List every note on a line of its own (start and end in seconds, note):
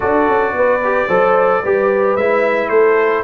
0.00 0.28 D4
0.00 0.81 F#4
0.00 0.53 A4
0.00 2.15 D5
0.28 0.52 C#4
0.52 1.07 B3
0.52 1.07 B4
0.83 1.09 G4
1.07 1.62 F#3
1.07 1.63 A4
1.07 1.61 C5
1.62 2.16 G3
1.62 2.19 G4
1.62 2.70 B4
2.16 2.69 G#3
2.16 3.23 E4
2.16 2.69 E5
2.69 3.23 A3
2.69 3.23 A4
2.69 3.23 C5